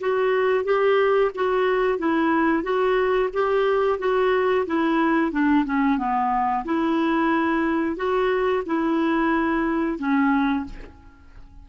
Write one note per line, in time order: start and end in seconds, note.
0.00 0.64 F#4
0.64 1.31 G4
1.35 1.98 F#4
1.98 2.63 E4
2.63 3.30 F#4
3.33 3.99 G4
3.99 4.65 F#4
4.66 5.32 E4
5.32 5.65 D4
5.65 5.98 C#4
5.98 6.65 B3
6.65 7.96 E4
7.96 8.63 F#4
8.66 9.98 E4
9.98 10.65 C#4